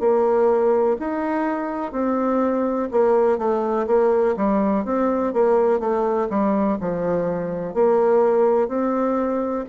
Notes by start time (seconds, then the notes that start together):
0.00 A#3
0.99 D#4
1.92 C4
2.91 A#3
3.37 A3
3.86 A#3
4.36 G3
4.84 C4
5.33 A#3
5.79 A3
6.29 G3
6.80 F3
7.74 A#3
8.68 C4